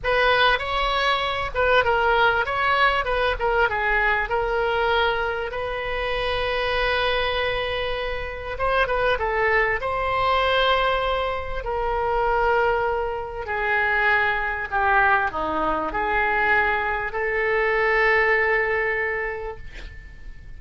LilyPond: \new Staff \with { instrumentName = "oboe" } { \time 4/4 \tempo 4 = 98 b'4 cis''4. b'8 ais'4 | cis''4 b'8 ais'8 gis'4 ais'4~ | ais'4 b'2.~ | b'2 c''8 b'8 a'4 |
c''2. ais'4~ | ais'2 gis'2 | g'4 dis'4 gis'2 | a'1 | }